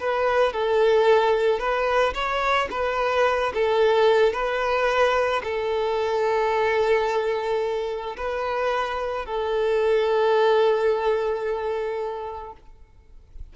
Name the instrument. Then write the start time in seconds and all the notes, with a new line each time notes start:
violin
0.00 B4
0.53 A4
1.59 B4
2.14 C#5
2.71 B4
3.54 A4
4.33 B4
5.43 A4
8.17 B4
9.26 A4